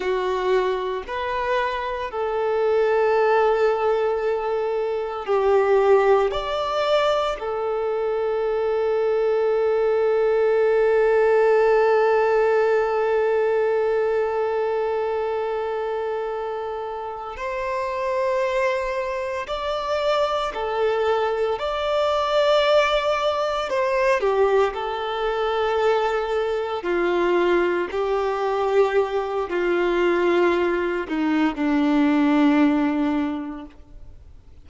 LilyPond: \new Staff \with { instrumentName = "violin" } { \time 4/4 \tempo 4 = 57 fis'4 b'4 a'2~ | a'4 g'4 d''4 a'4~ | a'1~ | a'1~ |
a'8 c''2 d''4 a'8~ | a'8 d''2 c''8 g'8 a'8~ | a'4. f'4 g'4. | f'4. dis'8 d'2 | }